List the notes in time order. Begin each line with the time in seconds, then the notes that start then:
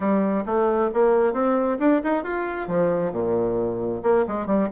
0.00 G3
0.45 A3
0.93 A#3
1.33 C4
1.79 D4
2.03 D#4
2.23 F4
2.67 F3
3.12 A#2
4.02 A#3
4.27 G#3
4.46 G3